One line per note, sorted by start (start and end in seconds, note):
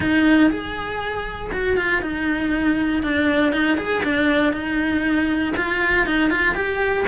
0.00 0.50 D#4
0.50 1.51 G#4
1.52 1.76 F#4
1.76 2.01 F4
2.01 3.02 D#4
3.03 3.52 D4
3.52 3.77 D#4
3.77 4.02 G#4
4.03 4.52 D4
4.52 5.53 D#4
5.56 6.06 F4
6.06 6.30 D#4
6.30 6.54 F4
6.54 7.05 G4